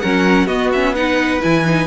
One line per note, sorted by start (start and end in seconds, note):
0.00 0.45 F#3
0.00 0.47 C#4
0.00 0.47 A#4
0.00 0.47 F#5
0.45 1.39 B3
0.45 0.71 B3
0.45 0.94 F#4
0.45 0.71 D#5
0.72 0.96 C#4
0.72 0.95 E5
0.95 1.41 D#4
0.95 1.87 B4
0.95 1.42 F#5
1.41 1.87 E3
1.41 1.65 E4
1.41 1.87 G#5
1.66 1.87 D#4